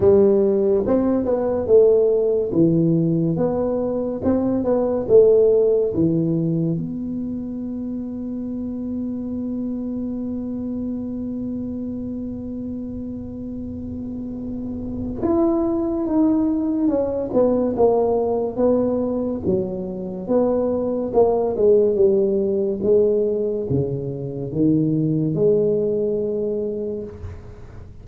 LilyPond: \new Staff \with { instrumentName = "tuba" } { \time 4/4 \tempo 4 = 71 g4 c'8 b8 a4 e4 | b4 c'8 b8 a4 e4 | b1~ | b1~ |
b2 e'4 dis'4 | cis'8 b8 ais4 b4 fis4 | b4 ais8 gis8 g4 gis4 | cis4 dis4 gis2 | }